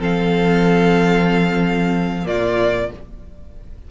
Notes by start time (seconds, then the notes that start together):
0.00 F3 C4 A4 F5
2.24 A#2 A#3 F4 D5